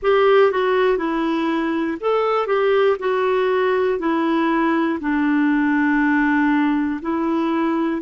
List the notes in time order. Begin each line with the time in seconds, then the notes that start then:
0.02 G4
0.51 F#4
0.97 E4
2.00 A4
2.46 G4
2.99 F#4
3.99 E4
5.00 D4
7.01 E4